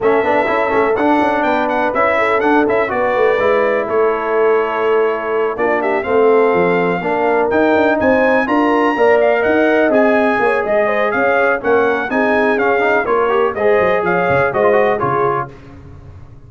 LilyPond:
<<
  \new Staff \with { instrumentName = "trumpet" } { \time 4/4 \tempo 4 = 124 e''2 fis''4 g''8 fis''8 | e''4 fis''8 e''8 d''2 | cis''2.~ cis''8 d''8 | e''8 f''2. g''8~ |
g''8 gis''4 ais''4. f''8 fis''8~ | fis''8 gis''4. dis''4 f''4 | fis''4 gis''4 f''4 cis''4 | dis''4 f''4 dis''4 cis''4 | }
  \new Staff \with { instrumentName = "horn" } { \time 4/4 a'2. b'4~ | b'8 a'4. b'2 | a'2.~ a'8 f'8 | g'8 a'2 ais'4.~ |
ais'8 c''4 ais'4 d''4 dis''8~ | dis''4. cis''8 dis''8 c''8 cis''4 | ais'4 gis'2 ais'4 | c''4 cis''4 c''4 gis'4 | }
  \new Staff \with { instrumentName = "trombone" } { \time 4/4 cis'8 d'8 e'8 cis'8 d'2 | e'4 d'8 e'8 fis'4 e'4~ | e'2.~ e'8 d'8~ | d'8 c'2 d'4 dis'8~ |
dis'4. f'4 ais'4.~ | ais'8 gis'2.~ gis'8 | cis'4 dis'4 cis'8 dis'8 f'8 g'8 | gis'2 fis'16 f'16 fis'8 f'4 | }
  \new Staff \with { instrumentName = "tuba" } { \time 4/4 a8 b8 cis'8 a8 d'8 cis'8 b4 | cis'4 d'8 cis'8 b8 a8 gis4 | a2.~ a8 ais8~ | ais8 a4 f4 ais4 dis'8 |
d'8 c'4 d'4 ais4 dis'8~ | dis'8 c'4 ais8 gis4 cis'4 | ais4 c'4 cis'4 ais4 | gis8 fis8 f8 cis8 gis4 cis4 | }
>>